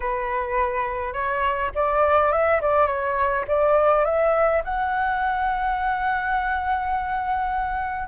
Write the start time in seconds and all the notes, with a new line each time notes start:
0.00 B4
1.13 C#5
1.74 D5
2.32 E5
2.61 D5
2.87 C#5
3.47 D5
4.04 E5
4.64 F#5